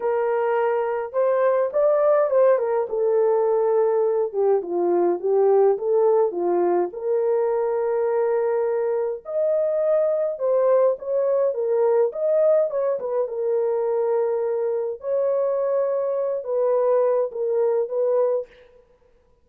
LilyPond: \new Staff \with { instrumentName = "horn" } { \time 4/4 \tempo 4 = 104 ais'2 c''4 d''4 | c''8 ais'8 a'2~ a'8 g'8 | f'4 g'4 a'4 f'4 | ais'1 |
dis''2 c''4 cis''4 | ais'4 dis''4 cis''8 b'8 ais'4~ | ais'2 cis''2~ | cis''8 b'4. ais'4 b'4 | }